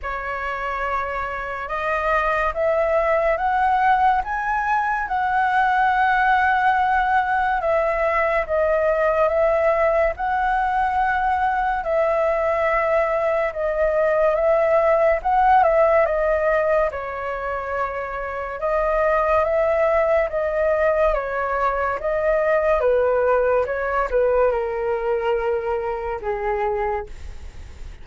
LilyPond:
\new Staff \with { instrumentName = "flute" } { \time 4/4 \tempo 4 = 71 cis''2 dis''4 e''4 | fis''4 gis''4 fis''2~ | fis''4 e''4 dis''4 e''4 | fis''2 e''2 |
dis''4 e''4 fis''8 e''8 dis''4 | cis''2 dis''4 e''4 | dis''4 cis''4 dis''4 b'4 | cis''8 b'8 ais'2 gis'4 | }